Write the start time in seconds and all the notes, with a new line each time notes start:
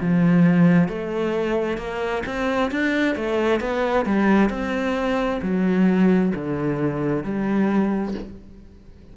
0.00 F3
0.88 A3
1.78 A#3
2.26 C4
2.71 D4
3.15 A3
3.60 B3
4.05 G3
4.49 C4
5.42 F#3
6.35 D3
7.23 G3